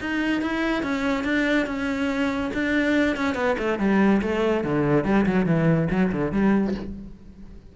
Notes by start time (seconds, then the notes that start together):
0.00 D#4
0.41 E4
0.83 C#4
1.24 D4
1.66 C#4
2.53 D4
3.16 C#4
3.34 B3
3.58 A3
3.79 G3
4.21 A3
4.64 D3
5.04 G3
5.25 F#3
5.46 E3
5.90 F#3
6.12 D3
6.32 G3